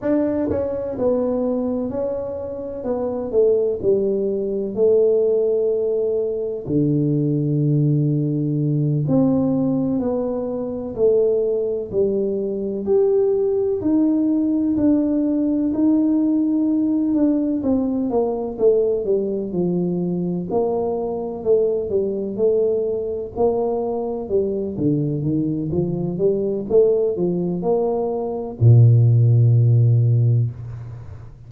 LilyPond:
\new Staff \with { instrumentName = "tuba" } { \time 4/4 \tempo 4 = 63 d'8 cis'8 b4 cis'4 b8 a8 | g4 a2 d4~ | d4. c'4 b4 a8~ | a8 g4 g'4 dis'4 d'8~ |
d'8 dis'4. d'8 c'8 ais8 a8 | g8 f4 ais4 a8 g8 a8~ | a8 ais4 g8 d8 dis8 f8 g8 | a8 f8 ais4 ais,2 | }